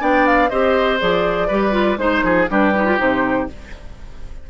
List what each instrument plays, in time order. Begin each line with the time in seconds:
0.00 bassoon B3, clarinet D4, oboe D5, flute G5
0.27 flute F5
0.49 bassoon C4, clarinet G4, oboe C5, flute D#5
0.99 bassoon F3, clarinet G#4, flute D5
1.48 bassoon G3, clarinet G4, oboe B4
1.71 clarinet F4
1.98 bassoon G#3, clarinet D#4, flute C5, oboe C5
2.23 bassoon F3, oboe G#4
2.48 bassoon G3, clarinet D4, oboe G4, flute B4
2.75 clarinet D#4
2.86 clarinet F4
2.98 bassoon C3, clarinet D#4, flute C5